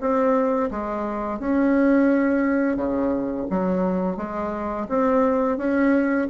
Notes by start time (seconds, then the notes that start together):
0.00 C4
0.71 G#3
1.39 C#4
2.76 C#3
3.50 F#3
4.17 G#3
4.89 C4
5.57 C#4